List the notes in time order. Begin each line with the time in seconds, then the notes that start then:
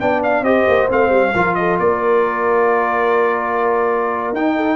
0.00 B3 D4 D5 G5
0.23 F5
0.41 C4 G4 C5 D#5
0.68 A#3
0.89 A3 C4 F5
1.10 G3
1.34 F3 F4 A#4
1.55 A4 D#5
1.79 A#3 A#4 D5
4.33 D#4 G5
4.56 A4